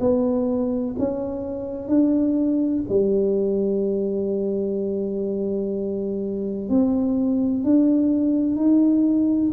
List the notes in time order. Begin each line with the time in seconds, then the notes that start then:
0.00 B3
0.98 C#4
1.88 D4
2.88 G3
6.68 C4
7.64 D4
8.55 D#4